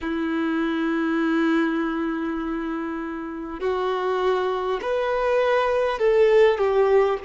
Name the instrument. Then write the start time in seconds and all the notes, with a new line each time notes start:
violin
0.01 E4
3.59 F#4
4.81 B4
5.98 A4
6.58 G4